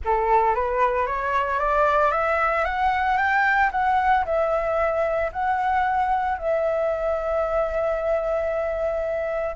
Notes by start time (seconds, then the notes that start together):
0.05 A4
0.54 B4
1.06 C#5
1.59 D5
2.11 E5
2.64 F#5
3.17 G5
3.71 F#5
4.25 E5
5.32 F#5
6.38 E5